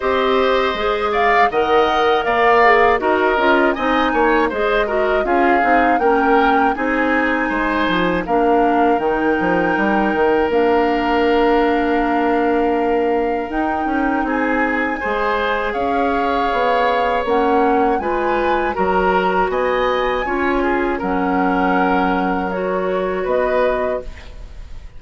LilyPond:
<<
  \new Staff \with { instrumentName = "flute" } { \time 4/4 \tempo 4 = 80 dis''4. f''8 fis''4 f''4 | dis''4 gis''4 dis''4 f''4 | g''4 gis''2 f''4 | g''2 f''2~ |
f''2 g''4 gis''4~ | gis''4 f''2 fis''4 | gis''4 ais''4 gis''2 | fis''2 cis''4 dis''4 | }
  \new Staff \with { instrumentName = "oboe" } { \time 4/4 c''4. d''8 dis''4 d''4 | ais'4 dis''8 cis''8 c''8 ais'8 gis'4 | ais'4 gis'4 c''4 ais'4~ | ais'1~ |
ais'2. gis'4 | c''4 cis''2. | b'4 ais'4 dis''4 cis''8 gis'8 | ais'2. b'4 | }
  \new Staff \with { instrumentName = "clarinet" } { \time 4/4 g'4 gis'4 ais'4. gis'8 | fis'8 f'8 dis'4 gis'8 fis'8 f'8 dis'8 | cis'4 dis'2 d'4 | dis'2 d'2~ |
d'2 dis'2 | gis'2. cis'4 | f'4 fis'2 f'4 | cis'2 fis'2 | }
  \new Staff \with { instrumentName = "bassoon" } { \time 4/4 c'4 gis4 dis4 ais4 | dis'8 cis'8 c'8 ais8 gis4 cis'8 c'8 | ais4 c'4 gis8 f8 ais4 | dis8 f8 g8 dis8 ais2~ |
ais2 dis'8 cis'8 c'4 | gis4 cis'4 b4 ais4 | gis4 fis4 b4 cis'4 | fis2. b4 | }
>>